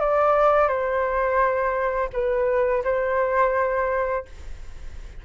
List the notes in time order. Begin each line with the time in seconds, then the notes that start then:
0.00 D5
0.68 C5
2.13 B4
2.84 C5